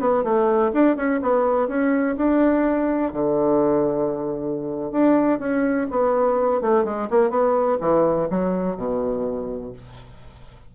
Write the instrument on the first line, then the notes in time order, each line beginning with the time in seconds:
bassoon
0.00 B3
0.24 A3
0.73 D4
0.97 C#4
1.22 B3
1.68 C#4
2.17 D4
3.13 D3
4.92 D4
5.40 C#4
5.91 B3
6.62 A3
6.84 G#3
7.10 A#3
7.30 B3
7.81 E3
8.30 F#3
8.77 B2